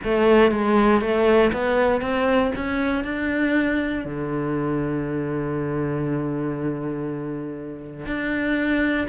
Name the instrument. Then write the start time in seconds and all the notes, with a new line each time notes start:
cello
0.04 A3
0.51 G#3
1.01 A3
1.52 B3
2.01 C4
2.55 C#4
3.04 D4
4.04 D3
8.06 D4